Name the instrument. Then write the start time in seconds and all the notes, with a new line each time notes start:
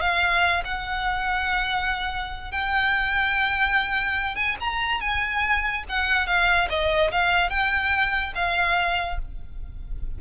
violin
0.00 F5
0.64 F#5
2.51 G5
4.35 G#5
4.60 A#5
5.00 G#5
5.89 F#5
6.26 F5
6.69 D#5
7.11 F5
7.49 G5
8.35 F5